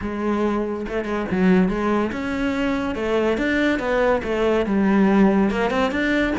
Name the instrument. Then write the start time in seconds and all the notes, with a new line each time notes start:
cello
0.01 G#3
0.88 A3
1.04 G#3
1.31 F#3
1.68 G#3
2.12 C#4
2.95 A3
3.37 D4
3.79 B3
4.23 A3
4.66 G3
5.50 A#3
5.70 C4
5.91 D4